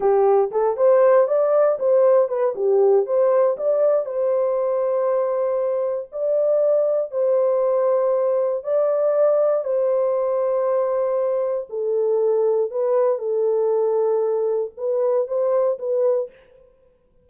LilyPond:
\new Staff \with { instrumentName = "horn" } { \time 4/4 \tempo 4 = 118 g'4 a'8 c''4 d''4 c''8~ | c''8 b'8 g'4 c''4 d''4 | c''1 | d''2 c''2~ |
c''4 d''2 c''4~ | c''2. a'4~ | a'4 b'4 a'2~ | a'4 b'4 c''4 b'4 | }